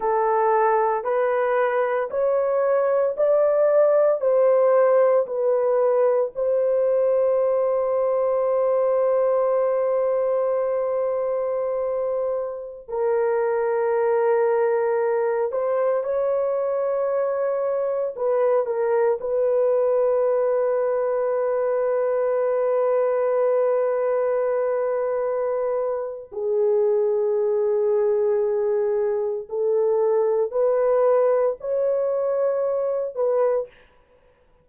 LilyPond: \new Staff \with { instrumentName = "horn" } { \time 4/4 \tempo 4 = 57 a'4 b'4 cis''4 d''4 | c''4 b'4 c''2~ | c''1~ | c''16 ais'2~ ais'8 c''8 cis''8.~ |
cis''4~ cis''16 b'8 ais'8 b'4.~ b'16~ | b'1~ | b'4 gis'2. | a'4 b'4 cis''4. b'8 | }